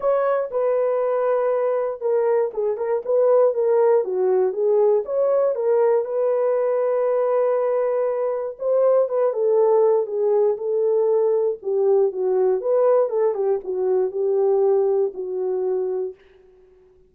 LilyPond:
\new Staff \with { instrumentName = "horn" } { \time 4/4 \tempo 4 = 119 cis''4 b'2. | ais'4 gis'8 ais'8 b'4 ais'4 | fis'4 gis'4 cis''4 ais'4 | b'1~ |
b'4 c''4 b'8 a'4. | gis'4 a'2 g'4 | fis'4 b'4 a'8 g'8 fis'4 | g'2 fis'2 | }